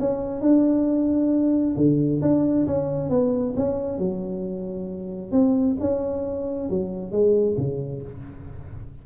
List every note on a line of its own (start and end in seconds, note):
0.00 0.42 C#4
0.42 1.76 D4
1.77 2.22 D3
2.22 2.67 D4
2.67 3.10 C#4
3.10 3.55 B3
3.57 3.99 C#4
3.99 5.32 F#3
5.32 5.77 C4
5.80 6.70 C#4
6.70 7.12 F#3
7.12 7.57 G#3
7.58 8.03 C#3